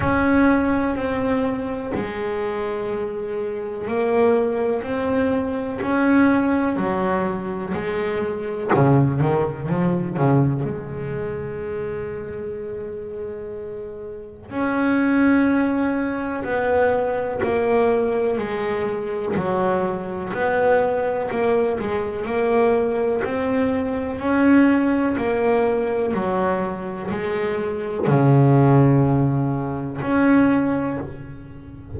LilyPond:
\new Staff \with { instrumentName = "double bass" } { \time 4/4 \tempo 4 = 62 cis'4 c'4 gis2 | ais4 c'4 cis'4 fis4 | gis4 cis8 dis8 f8 cis8 gis4~ | gis2. cis'4~ |
cis'4 b4 ais4 gis4 | fis4 b4 ais8 gis8 ais4 | c'4 cis'4 ais4 fis4 | gis4 cis2 cis'4 | }